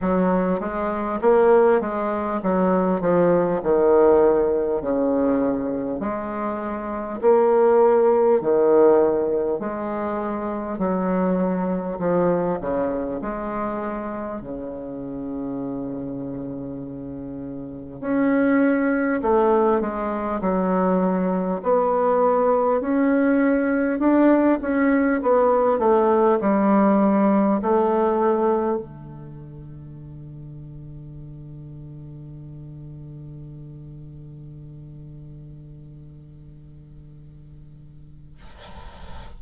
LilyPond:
\new Staff \with { instrumentName = "bassoon" } { \time 4/4 \tempo 4 = 50 fis8 gis8 ais8 gis8 fis8 f8 dis4 | cis4 gis4 ais4 dis4 | gis4 fis4 f8 cis8 gis4 | cis2. cis'4 |
a8 gis8 fis4 b4 cis'4 | d'8 cis'8 b8 a8 g4 a4 | d1~ | d1 | }